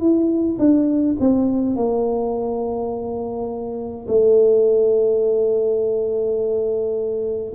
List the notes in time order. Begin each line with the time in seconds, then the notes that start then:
0.00 E4
0.59 D4
1.21 C4
1.76 A#3
4.08 A3